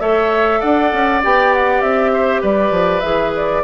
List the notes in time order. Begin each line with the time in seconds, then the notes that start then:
0.00 A3 A4 C#5 E5
0.60 D4 D5 F#5
0.92 C#4
1.23 B3 G4 G5
1.53 F#5
1.81 C4 E5
2.13 C5
2.41 G3 B4 D5
2.71 F3
3.00 E3 G#4 E5
3.36 D5